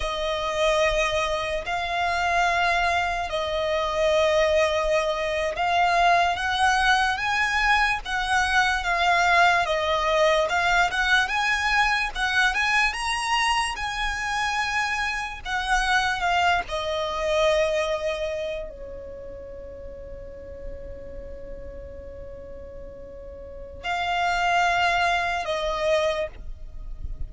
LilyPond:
\new Staff \with { instrumentName = "violin" } { \time 4/4 \tempo 4 = 73 dis''2 f''2 | dis''2~ dis''8. f''4 fis''16~ | fis''8. gis''4 fis''4 f''4 dis''16~ | dis''8. f''8 fis''8 gis''4 fis''8 gis''8 ais''16~ |
ais''8. gis''2 fis''4 f''16~ | f''16 dis''2~ dis''8 cis''4~ cis''16~ | cis''1~ | cis''4 f''2 dis''4 | }